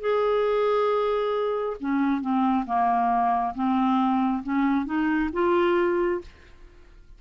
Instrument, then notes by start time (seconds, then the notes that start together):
clarinet
0.00 G#4
1.80 C#4
2.21 C4
2.66 A#3
3.55 C4
4.43 C#4
4.85 D#4
5.33 F4